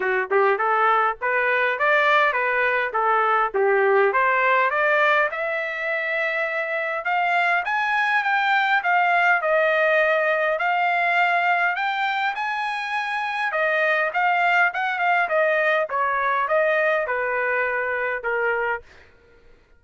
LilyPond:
\new Staff \with { instrumentName = "trumpet" } { \time 4/4 \tempo 4 = 102 fis'8 g'8 a'4 b'4 d''4 | b'4 a'4 g'4 c''4 | d''4 e''2. | f''4 gis''4 g''4 f''4 |
dis''2 f''2 | g''4 gis''2 dis''4 | f''4 fis''8 f''8 dis''4 cis''4 | dis''4 b'2 ais'4 | }